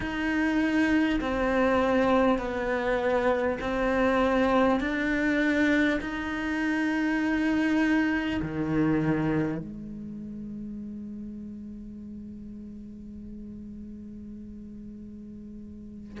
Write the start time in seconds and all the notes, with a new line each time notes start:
0.00 D#4
1.21 C4
2.38 B3
3.60 C4
4.79 D4
6.01 D#4
8.42 D#3
9.58 G#3